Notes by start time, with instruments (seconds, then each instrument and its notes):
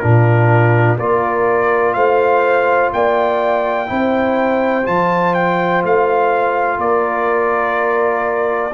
0.00 tuba A#2, trombone D4, horn F4, trumpet A#4
0.99 tuba A#3, trombone F4, horn A#4, trumpet D5
1.94 tuba A3, horn C5, trumpet F5
2.93 tuba A#3, horn D5, trumpet G5
3.87 tuba C4, trombone E4, horn C5
4.84 tuba F3, trombone F4, trumpet A5
5.34 trumpet G5
5.84 tuba A3, trumpet F5
6.78 tuba A#3, horn A#4, trumpet D5